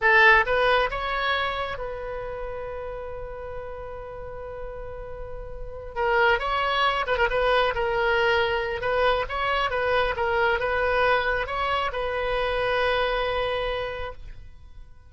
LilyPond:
\new Staff \with { instrumentName = "oboe" } { \time 4/4 \tempo 4 = 136 a'4 b'4 cis''2 | b'1~ | b'1~ | b'4. ais'4 cis''4. |
b'16 ais'16 b'4 ais'2~ ais'8 | b'4 cis''4 b'4 ais'4 | b'2 cis''4 b'4~ | b'1 | }